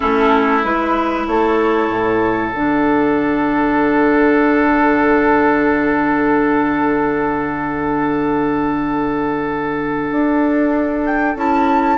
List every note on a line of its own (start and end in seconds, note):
0.00 0.64 A3
0.00 0.63 C#4
0.00 1.26 E4
0.00 0.62 A4
0.63 1.26 G#3
0.63 2.53 E4
0.63 1.27 B4
1.26 1.89 A3
1.26 11.98 A4
1.26 2.49 C#5
1.89 2.52 A2
2.49 10.11 D3
2.49 11.37 D4
2.49 11.02 F#5
10.11 11.35 D4
11.06 11.37 G5
11.35 11.98 C#4
11.35 11.98 E4
11.35 11.98 A5